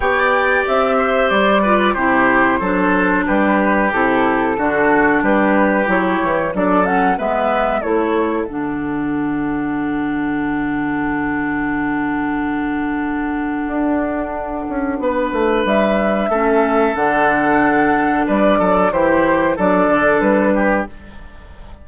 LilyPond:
<<
  \new Staff \with { instrumentName = "flute" } { \time 4/4 \tempo 4 = 92 g''4 e''4 d''4 c''4~ | c''4 b'4 a'2 | b'4 cis''4 d''8 fis''8 e''4 | cis''4 fis''2.~ |
fis''1~ | fis''1 | e''2 fis''2 | d''4 c''4 d''4 b'4 | }
  \new Staff \with { instrumentName = "oboe" } { \time 4/4 d''4. c''4 b'8 g'4 | a'4 g'2 fis'4 | g'2 a'4 b'4 | a'1~ |
a'1~ | a'2. b'4~ | b'4 a'2. | b'8 a'8 g'4 a'4. g'8 | }
  \new Staff \with { instrumentName = "clarinet" } { \time 4/4 g'2~ g'8 f'8 e'4 | d'2 e'4 d'4~ | d'4 e'4 d'8 cis'8 b4 | e'4 d'2.~ |
d'1~ | d'1~ | d'4 cis'4 d'2~ | d'4 e'4 d'2 | }
  \new Staff \with { instrumentName = "bassoon" } { \time 4/4 b4 c'4 g4 c4 | fis4 g4 c4 d4 | g4 fis8 e8 fis4 gis4 | a4 d2.~ |
d1~ | d4 d'4. cis'8 b8 a8 | g4 a4 d2 | g8 fis8 e4 fis8 d8 g4 | }
>>